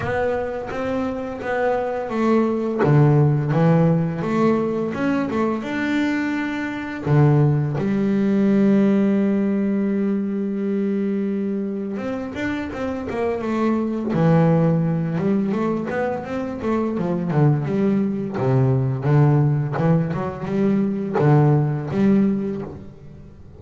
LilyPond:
\new Staff \with { instrumentName = "double bass" } { \time 4/4 \tempo 4 = 85 b4 c'4 b4 a4 | d4 e4 a4 cis'8 a8 | d'2 d4 g4~ | g1~ |
g4 c'8 d'8 c'8 ais8 a4 | e4. g8 a8 b8 c'8 a8 | f8 d8 g4 c4 d4 | e8 fis8 g4 d4 g4 | }